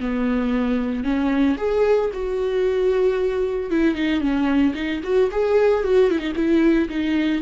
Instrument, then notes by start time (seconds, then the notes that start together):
viola
0.00 B3
1.04 C#4
1.58 G#4
2.14 F#4
3.71 E4
3.95 D#4
4.21 C#4
4.75 D#4
5.04 F#4
5.32 G#4
5.84 F#4
6.11 E4
6.20 D#4
6.36 E4
6.89 D#4